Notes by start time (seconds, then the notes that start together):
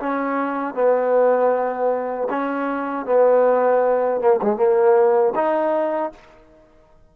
0.00 C#4
0.75 B3
2.30 C#4
3.06 B3
4.21 A#3
4.42 G#3
4.57 A#3
5.36 D#4